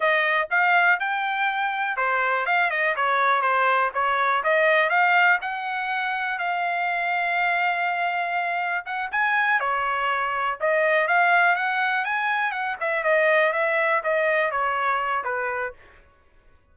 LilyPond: \new Staff \with { instrumentName = "trumpet" } { \time 4/4 \tempo 4 = 122 dis''4 f''4 g''2 | c''4 f''8 dis''8 cis''4 c''4 | cis''4 dis''4 f''4 fis''4~ | fis''4 f''2.~ |
f''2 fis''8 gis''4 cis''8~ | cis''4. dis''4 f''4 fis''8~ | fis''8 gis''4 fis''8 e''8 dis''4 e''8~ | e''8 dis''4 cis''4. b'4 | }